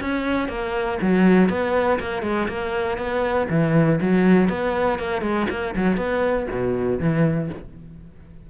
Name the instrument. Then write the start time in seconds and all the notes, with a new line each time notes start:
cello
0.00 C#4
0.48 A#3
1.02 F#3
1.49 B3
1.99 A#3
2.22 G#3
2.48 A#3
2.97 B3
3.50 E3
4.01 F#3
4.49 B3
4.98 A#3
5.21 G#3
5.50 A#3
5.76 F#3
5.97 B3
6.51 B2
6.99 E3